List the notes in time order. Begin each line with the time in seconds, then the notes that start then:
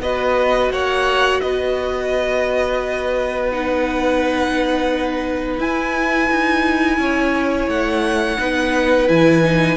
0.00 B3 F#4 B4 D#5
0.70 A#3 C#5 F#5
1.41 B3 B4 D#5
3.52 D#4 F#5
5.59 E4 G#5
6.31 D#4
6.98 C#4 C#5
7.68 A3 F#5
8.39 B3 D#4 B4
9.08 E3 E4 G#5
9.44 D#4